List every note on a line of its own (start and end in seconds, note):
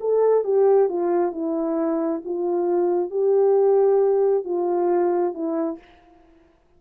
0.00 0.44 A4
0.44 0.89 G4
0.89 1.32 F4
1.32 2.22 E4
2.25 3.10 F4
3.10 4.44 G4
4.44 5.34 F4
5.34 5.78 E4